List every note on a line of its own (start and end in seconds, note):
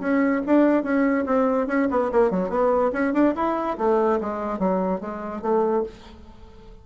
0.00 0.42 C#4
0.46 0.84 D4
0.84 1.25 C#4
1.26 1.67 C4
1.67 1.88 C#4
1.91 2.12 B3
2.12 2.31 A#3
2.31 2.50 F#3
2.50 2.91 B3
2.93 3.14 C#4
3.14 3.34 D4
3.36 3.77 E4
3.78 4.20 A3
4.21 4.59 G#3
4.59 5.01 F#3
5.01 5.42 G#3
5.42 5.84 A3